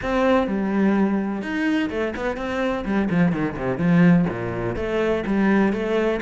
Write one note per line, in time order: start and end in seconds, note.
0.02 0.47 C4
0.47 1.42 G3
1.42 1.89 D#4
1.90 2.13 A3
2.16 2.37 B3
2.37 2.84 C4
2.85 3.08 G3
3.10 3.32 F3
3.32 3.56 D#3
3.56 3.77 C3
3.77 4.25 F3
4.29 4.76 A#2
4.76 5.23 A3
5.26 5.72 G3
5.72 6.20 A3